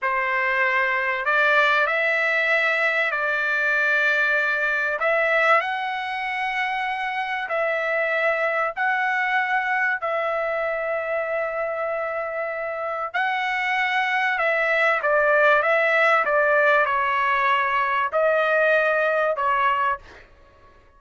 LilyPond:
\new Staff \with { instrumentName = "trumpet" } { \time 4/4 \tempo 4 = 96 c''2 d''4 e''4~ | e''4 d''2. | e''4 fis''2. | e''2 fis''2 |
e''1~ | e''4 fis''2 e''4 | d''4 e''4 d''4 cis''4~ | cis''4 dis''2 cis''4 | }